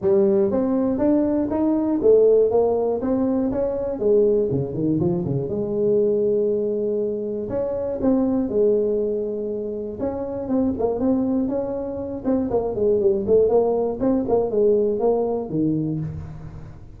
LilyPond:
\new Staff \with { instrumentName = "tuba" } { \time 4/4 \tempo 4 = 120 g4 c'4 d'4 dis'4 | a4 ais4 c'4 cis'4 | gis4 cis8 dis8 f8 cis8 gis4~ | gis2. cis'4 |
c'4 gis2. | cis'4 c'8 ais8 c'4 cis'4~ | cis'8 c'8 ais8 gis8 g8 a8 ais4 | c'8 ais8 gis4 ais4 dis4 | }